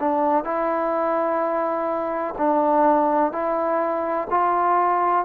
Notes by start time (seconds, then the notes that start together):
0.00 D4
0.44 E4
2.38 D4
3.32 E4
4.30 F4